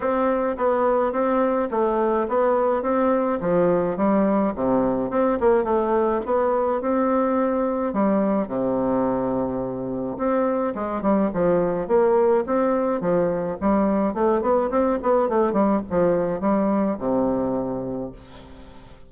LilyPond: \new Staff \with { instrumentName = "bassoon" } { \time 4/4 \tempo 4 = 106 c'4 b4 c'4 a4 | b4 c'4 f4 g4 | c4 c'8 ais8 a4 b4 | c'2 g4 c4~ |
c2 c'4 gis8 g8 | f4 ais4 c'4 f4 | g4 a8 b8 c'8 b8 a8 g8 | f4 g4 c2 | }